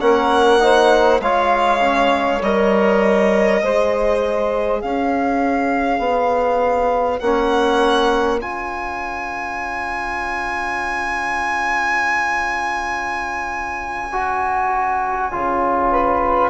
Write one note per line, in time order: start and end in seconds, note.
0.00 1.21 A#3
0.00 0.60 C#4
0.00 0.62 A#4
0.00 1.21 F#5
0.60 1.20 D#4
0.60 1.22 C5
1.21 2.41 G#3
1.21 1.81 F4
1.21 3.62 C#5
1.21 2.42 F5
1.81 2.41 C#4
2.41 3.61 G3
2.41 3.64 A#4
2.41 4.81 D#5
3.63 4.83 G#3
3.63 7.23 G#4
3.63 4.83 C5
4.81 5.99 C#4
4.81 15.91 C#5
4.81 7.20 F5
5.99 7.19 B3
7.20 8.41 A#3
7.20 8.40 C#4
7.20 8.39 F#5
8.40 15.31 C#4
8.40 14.10 F4
8.40 16.50 G#5
14.12 15.32 F#4
15.32 16.50 C#3
15.32 16.50 F4
15.91 16.50 B4